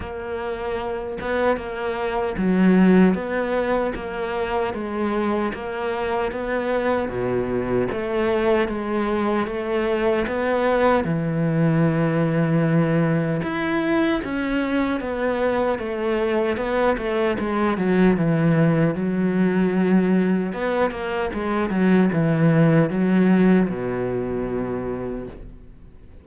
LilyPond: \new Staff \with { instrumentName = "cello" } { \time 4/4 \tempo 4 = 76 ais4. b8 ais4 fis4 | b4 ais4 gis4 ais4 | b4 b,4 a4 gis4 | a4 b4 e2~ |
e4 e'4 cis'4 b4 | a4 b8 a8 gis8 fis8 e4 | fis2 b8 ais8 gis8 fis8 | e4 fis4 b,2 | }